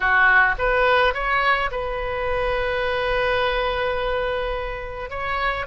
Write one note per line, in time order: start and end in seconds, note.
0.00 0.55 F#4
0.58 1.13 B4
1.13 1.70 C#5
1.71 5.09 B4
5.09 5.66 C#5